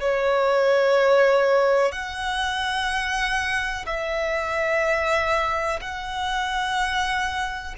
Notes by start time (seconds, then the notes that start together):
0.00 C#5
1.92 F#5
3.86 E5
5.81 F#5